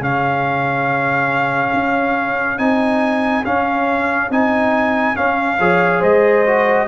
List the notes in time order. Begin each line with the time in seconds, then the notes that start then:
0.00 C#3 C#4 G#4 F5
1.73 C#4
2.58 C4 D#4 G#5
3.45 C#4 F5
4.29 C4 D#4 G#5
5.15 C#4 F5
5.59 F3 G#4 C#5
6.00 G#3 C5 D#5
6.46 F#4